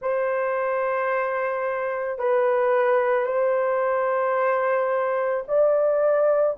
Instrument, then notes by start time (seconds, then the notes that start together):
horn
0.01 C5
2.18 B4
3.26 C5
5.47 D5